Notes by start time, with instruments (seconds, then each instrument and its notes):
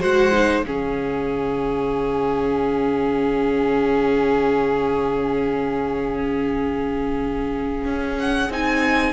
0.00 cello G#3, viola F#4, violin C5 F#5
0.32 viola D#4
0.63 cello C#3, viola C#4, violin G#4 F5
7.85 cello C#4
8.19 violin F#5
8.50 cello C4, viola D#4, violin G#5